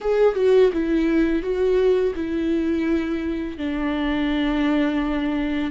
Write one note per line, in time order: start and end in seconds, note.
0.00 0.35 G#4
0.35 0.70 F#4
0.72 1.42 E4
1.42 2.13 F#4
2.14 3.57 E4
3.57 5.71 D4